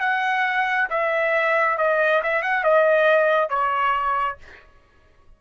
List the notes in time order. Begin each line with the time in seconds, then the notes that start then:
0.00 F#5
0.90 E5
1.78 D#5
2.23 E5
2.43 F#5
2.64 D#5
3.50 C#5